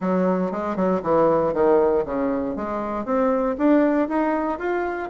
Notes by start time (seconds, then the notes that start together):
0.00 F#3
0.51 G#3
0.76 F#3
1.02 E3
1.53 D#3
2.05 C#3
2.56 G#3
3.05 C4
3.58 D4
4.08 D#4
4.59 F4